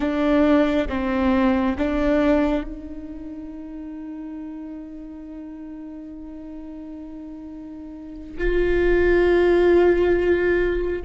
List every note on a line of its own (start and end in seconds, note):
0.00 0.88 D4
0.88 1.76 C4
1.78 2.63 D4
2.63 8.37 D#4
8.37 11.02 F4